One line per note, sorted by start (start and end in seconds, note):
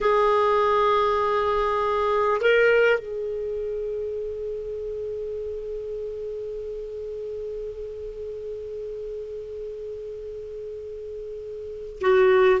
0.00 2.40 G#4
2.40 2.99 A#4
2.99 11.99 G#4
12.00 12.60 F#4